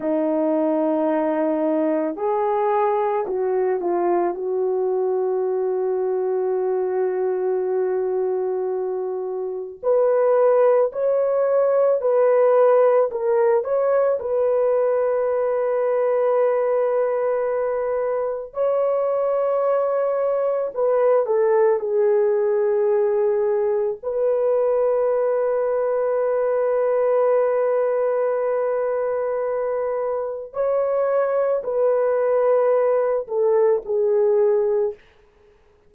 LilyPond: \new Staff \with { instrumentName = "horn" } { \time 4/4 \tempo 4 = 55 dis'2 gis'4 fis'8 f'8 | fis'1~ | fis'4 b'4 cis''4 b'4 | ais'8 cis''8 b'2.~ |
b'4 cis''2 b'8 a'8 | gis'2 b'2~ | b'1 | cis''4 b'4. a'8 gis'4 | }